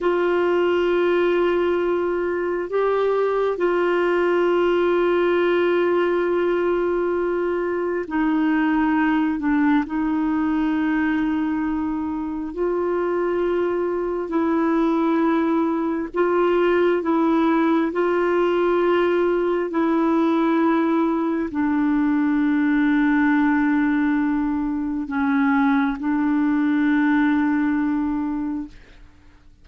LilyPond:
\new Staff \with { instrumentName = "clarinet" } { \time 4/4 \tempo 4 = 67 f'2. g'4 | f'1~ | f'4 dis'4. d'8 dis'4~ | dis'2 f'2 |
e'2 f'4 e'4 | f'2 e'2 | d'1 | cis'4 d'2. | }